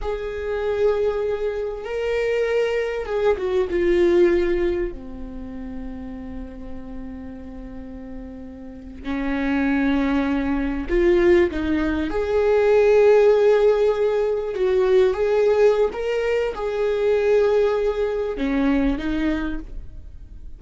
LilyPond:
\new Staff \with { instrumentName = "viola" } { \time 4/4 \tempo 4 = 98 gis'2. ais'4~ | ais'4 gis'8 fis'8 f'2 | c'1~ | c'2~ c'8. cis'4~ cis'16~ |
cis'4.~ cis'16 f'4 dis'4 gis'16~ | gis'2.~ gis'8. fis'16~ | fis'8. gis'4~ gis'16 ais'4 gis'4~ | gis'2 cis'4 dis'4 | }